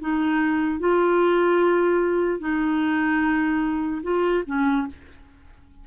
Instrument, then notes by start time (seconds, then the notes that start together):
clarinet
0.00 D#4
0.79 F4
2.39 D#4
4.02 F4
4.46 C#4